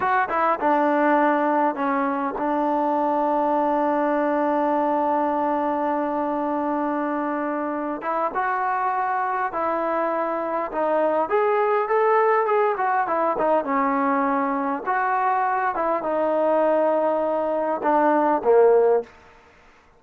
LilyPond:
\new Staff \with { instrumentName = "trombone" } { \time 4/4 \tempo 4 = 101 fis'8 e'8 d'2 cis'4 | d'1~ | d'1~ | d'4. e'8 fis'2 |
e'2 dis'4 gis'4 | a'4 gis'8 fis'8 e'8 dis'8 cis'4~ | cis'4 fis'4. e'8 dis'4~ | dis'2 d'4 ais4 | }